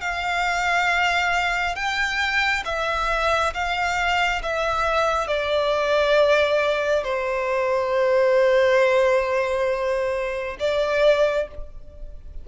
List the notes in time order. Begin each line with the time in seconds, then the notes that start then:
0.00 F5
1.75 G5
2.65 E5
3.53 F5
4.42 E5
5.27 D5
7.03 C5
10.59 D5